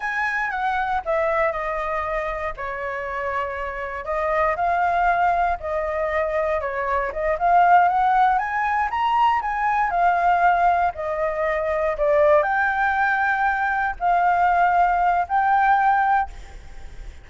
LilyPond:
\new Staff \with { instrumentName = "flute" } { \time 4/4 \tempo 4 = 118 gis''4 fis''4 e''4 dis''4~ | dis''4 cis''2. | dis''4 f''2 dis''4~ | dis''4 cis''4 dis''8 f''4 fis''8~ |
fis''8 gis''4 ais''4 gis''4 f''8~ | f''4. dis''2 d''8~ | d''8 g''2. f''8~ | f''2 g''2 | }